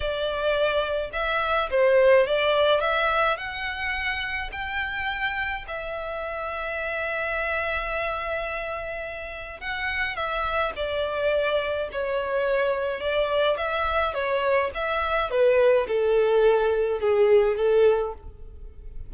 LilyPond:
\new Staff \with { instrumentName = "violin" } { \time 4/4 \tempo 4 = 106 d''2 e''4 c''4 | d''4 e''4 fis''2 | g''2 e''2~ | e''1~ |
e''4 fis''4 e''4 d''4~ | d''4 cis''2 d''4 | e''4 cis''4 e''4 b'4 | a'2 gis'4 a'4 | }